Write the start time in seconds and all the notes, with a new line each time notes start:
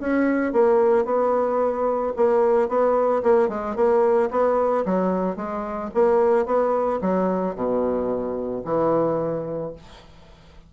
0.00 C#4
0.53 A#3
1.05 B3
2.16 A#3
2.69 B3
3.23 A#3
3.49 G#3
3.76 A#3
4.31 B3
4.86 F#3
5.37 G#3
5.95 A#3
6.46 B3
7.02 F#3
7.56 B2
8.65 E3